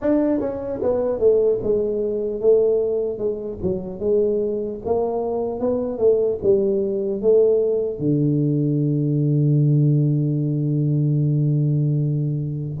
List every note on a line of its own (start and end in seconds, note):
0.01 0.40 D4
0.40 0.80 C#4
0.82 1.19 B3
1.19 1.59 A3
1.63 2.40 G#3
2.40 3.18 A3
3.18 3.58 G#3
3.62 3.99 F#3
3.99 4.79 G#3
4.85 5.60 A#3
5.60 5.98 B3
5.98 6.38 A3
6.42 7.21 G3
7.21 7.98 A3
7.98 12.78 D3